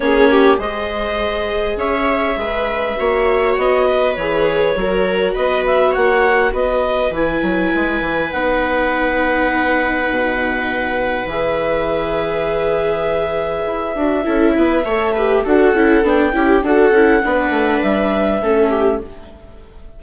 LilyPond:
<<
  \new Staff \with { instrumentName = "clarinet" } { \time 4/4 \tempo 4 = 101 cis''4 dis''2 e''4~ | e''2 dis''4 cis''4~ | cis''4 dis''8 e''8 fis''4 dis''4 | gis''2 fis''2~ |
fis''2. e''4~ | e''1~ | e''2 fis''4 g''4 | fis''2 e''2 | }
  \new Staff \with { instrumentName = "viola" } { \time 4/4 gis'8 g'8 c''2 cis''4 | b'4 cis''4. b'4. | ais'4 b'4 cis''4 b'4~ | b'1~ |
b'1~ | b'1 | a'8 b'8 cis''8 b'8 a'4. g'8 | a'4 b'2 a'8 g'8 | }
  \new Staff \with { instrumentName = "viola" } { \time 4/4 cis'4 gis'2.~ | gis'4 fis'2 gis'4 | fis'1 | e'2 dis'2~ |
dis'2. gis'4~ | gis'2.~ gis'8 fis'8 | e'4 a'8 g'8 fis'8 e'8 d'8 e'8 | fis'8 e'8 d'2 cis'4 | }
  \new Staff \with { instrumentName = "bassoon" } { \time 4/4 ais4 gis2 cis'4 | gis4 ais4 b4 e4 | fis4 b4 ais4 b4 | e8 fis8 gis8 e8 b2~ |
b4 b,2 e4~ | e2. e'8 d'8 | cis'8 b8 a4 d'8 cis'8 b8 cis'8 | d'8 cis'8 b8 a8 g4 a4 | }
>>